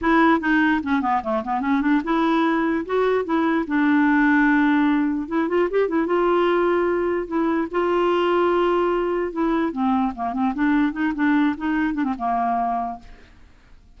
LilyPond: \new Staff \with { instrumentName = "clarinet" } { \time 4/4 \tempo 4 = 148 e'4 dis'4 cis'8 b8 a8 b8 | cis'8 d'8 e'2 fis'4 | e'4 d'2.~ | d'4 e'8 f'8 g'8 e'8 f'4~ |
f'2 e'4 f'4~ | f'2. e'4 | c'4 ais8 c'8 d'4 dis'8 d'8~ | d'8 dis'4 d'16 c'16 ais2 | }